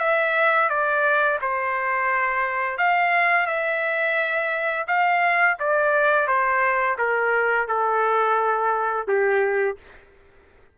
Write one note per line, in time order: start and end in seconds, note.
0.00 0.70 E5
0.70 1.40 D5
1.42 2.78 C5
2.78 3.47 F5
3.47 4.86 E5
4.88 5.58 F5
5.60 6.28 D5
6.28 6.98 C5
6.99 7.68 A#4
7.68 9.08 A4
9.08 9.78 G4